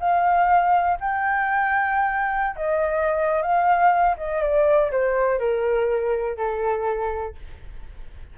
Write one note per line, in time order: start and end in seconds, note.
0.00 0.98 F5
1.00 2.56 G5
2.56 3.42 D#5
3.42 4.16 F5
4.17 4.42 D#5
4.42 4.91 D5
4.91 5.39 C5
5.39 6.37 A#4
6.37 7.35 A4